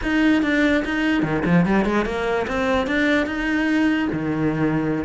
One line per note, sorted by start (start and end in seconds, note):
0.02 0.42 D#4
0.42 0.83 D4
0.84 1.22 D#4
1.22 1.43 D#3
1.45 1.65 F3
1.65 1.85 G3
1.85 2.05 G#3
2.05 2.46 A#3
2.47 2.87 C4
2.87 3.26 D4
3.26 4.08 D#4
4.12 5.04 D#3